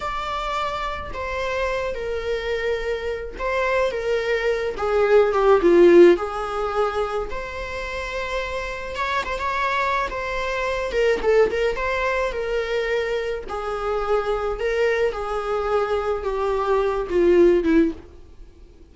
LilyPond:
\new Staff \with { instrumentName = "viola" } { \time 4/4 \tempo 4 = 107 d''2 c''4. ais'8~ | ais'2 c''4 ais'4~ | ais'8 gis'4 g'8 f'4 gis'4~ | gis'4 c''2. |
cis''8 c''16 cis''4~ cis''16 c''4. ais'8 | a'8 ais'8 c''4 ais'2 | gis'2 ais'4 gis'4~ | gis'4 g'4. f'4 e'8 | }